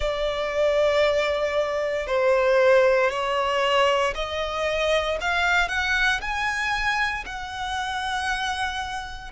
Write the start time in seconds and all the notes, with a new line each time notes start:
0.00 D5
2.06 C5
3.10 C#5
4.14 D#5
5.20 F5
5.68 F#5
6.21 G#5
7.25 F#5